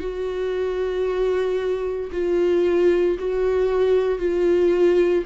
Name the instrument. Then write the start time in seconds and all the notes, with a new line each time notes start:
viola
0.00 F#4
2.12 F4
3.19 F#4
4.19 F4